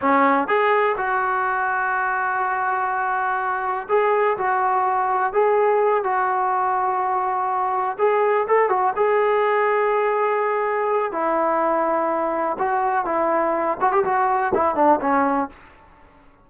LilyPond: \new Staff \with { instrumentName = "trombone" } { \time 4/4 \tempo 4 = 124 cis'4 gis'4 fis'2~ | fis'1 | gis'4 fis'2 gis'4~ | gis'8 fis'2.~ fis'8~ |
fis'8 gis'4 a'8 fis'8 gis'4.~ | gis'2. e'4~ | e'2 fis'4 e'4~ | e'8 fis'16 g'16 fis'4 e'8 d'8 cis'4 | }